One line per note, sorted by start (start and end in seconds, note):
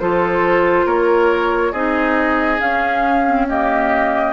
0.00 0.85 F3
0.00 1.74 F4
0.00 0.86 A4
0.00 0.87 C5
0.85 1.72 A#3
0.85 1.72 A#4
0.85 1.72 C#5
1.72 2.59 C4
1.72 2.58 D#4
1.72 3.46 G#4
1.72 2.59 D#5
2.58 3.24 C#4
2.58 4.33 C#4
2.58 3.47 F5
3.26 3.48 C4
3.48 4.33 A#3
3.48 4.33 G4
3.48 4.33 D#5